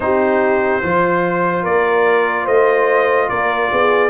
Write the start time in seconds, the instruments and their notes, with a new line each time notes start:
0.00 tuba C4, trombone D#4, horn G4, trumpet C5
0.82 tuba F3, trombone F4, horn C5
1.63 tuba A#3, horn A#4, trumpet D5
2.45 tuba A3, horn C5, trumpet D#5
3.29 tuba A#3, horn A#4, trumpet D5
3.71 tuba B3, horn G#4